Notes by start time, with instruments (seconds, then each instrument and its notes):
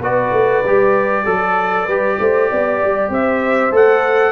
0.00 tuba B3, trombone F#4, horn B4, trumpet D5
0.32 tuba A3
0.64 tuba G3, trombone G4
1.24 tuba F#3, horn A4, trombone A4
1.85 tuba G3, trombone G4, horn B4
2.19 tuba A3, horn C5
2.50 tuba B3, horn D5
2.83 tuba G3
3.09 tuba C4, horn C5, trumpet E5
3.71 tuba A3, trombone A4, trumpet F#5